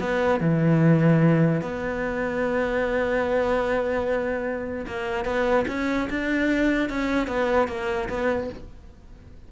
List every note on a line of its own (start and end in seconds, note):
0.00 0.40 B3
0.40 1.61 E3
1.61 4.86 B3
4.86 5.25 A#3
5.25 5.65 B3
5.68 6.08 C#4
6.09 6.89 D4
6.89 7.27 C#4
7.27 7.68 B3
7.68 8.08 A#3
8.09 8.49 B3